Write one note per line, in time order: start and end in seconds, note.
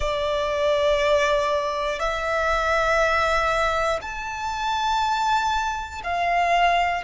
0.00 1.99 D5
1.99 3.99 E5
4.01 6.01 A5
6.03 7.03 F5